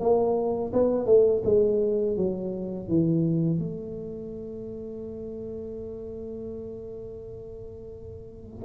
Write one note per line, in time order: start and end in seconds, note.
0.00 0.72 A#3
0.73 1.06 B3
1.06 1.42 A3
1.44 2.17 G#3
2.17 2.88 F#3
2.88 3.58 E3
3.58 8.65 A3